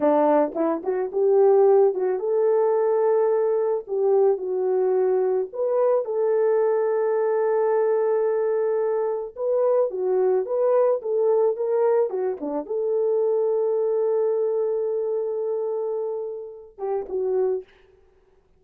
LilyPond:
\new Staff \with { instrumentName = "horn" } { \time 4/4 \tempo 4 = 109 d'4 e'8 fis'8 g'4. fis'8 | a'2. g'4 | fis'2 b'4 a'4~ | a'1~ |
a'4 b'4 fis'4 b'4 | a'4 ais'4 fis'8 d'8 a'4~ | a'1~ | a'2~ a'8 g'8 fis'4 | }